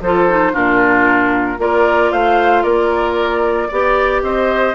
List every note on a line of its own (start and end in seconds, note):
0.00 0.53 F3
0.00 0.29 F4
0.00 0.53 A4
0.00 0.55 C5
0.29 0.53 D#4
0.53 1.58 A#2
0.53 1.58 D4
0.53 1.58 F4
0.53 1.60 A#4
1.58 2.11 A#3
1.58 3.69 F4
1.58 2.12 A#4
1.58 2.12 D5
2.12 2.64 A3
2.12 2.63 C5
2.12 2.63 F5
2.63 3.69 A#3
2.63 3.68 A#4
2.63 4.21 D5
3.68 4.22 B3
3.68 4.74 G4
3.68 4.21 D5
4.22 4.74 C4
4.22 4.74 C5
4.22 4.74 D#5